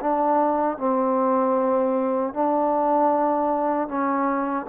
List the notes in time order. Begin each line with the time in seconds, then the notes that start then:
0.00 D4
0.77 C4
2.33 D4
3.88 C#4